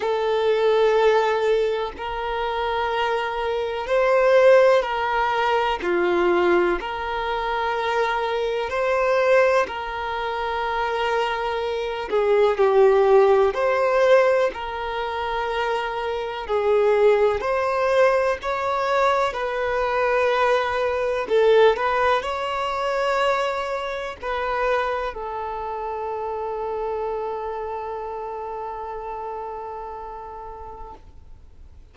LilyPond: \new Staff \with { instrumentName = "violin" } { \time 4/4 \tempo 4 = 62 a'2 ais'2 | c''4 ais'4 f'4 ais'4~ | ais'4 c''4 ais'2~ | ais'8 gis'8 g'4 c''4 ais'4~ |
ais'4 gis'4 c''4 cis''4 | b'2 a'8 b'8 cis''4~ | cis''4 b'4 a'2~ | a'1 | }